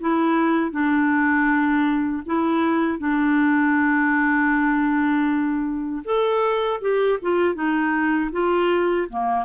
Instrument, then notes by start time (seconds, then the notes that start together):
clarinet
0.00 E4
0.71 D4
2.25 E4
2.99 D4
6.04 A4
6.81 G4
7.22 F4
7.55 D#4
8.32 F4
9.09 A#3